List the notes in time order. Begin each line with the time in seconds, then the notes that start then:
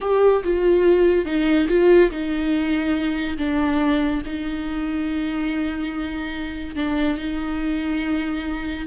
0.00 G4
0.43 F4
1.25 D#4
1.68 F4
2.10 D#4
3.37 D4
4.25 D#4
6.75 D4
7.17 D#4